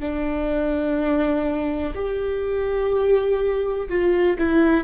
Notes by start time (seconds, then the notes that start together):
0.00 D4
1.95 G4
3.89 F4
4.39 E4